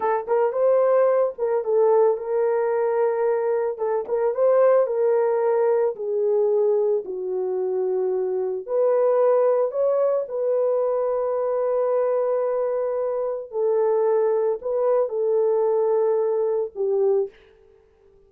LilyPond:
\new Staff \with { instrumentName = "horn" } { \time 4/4 \tempo 4 = 111 a'8 ais'8 c''4. ais'8 a'4 | ais'2. a'8 ais'8 | c''4 ais'2 gis'4~ | gis'4 fis'2. |
b'2 cis''4 b'4~ | b'1~ | b'4 a'2 b'4 | a'2. g'4 | }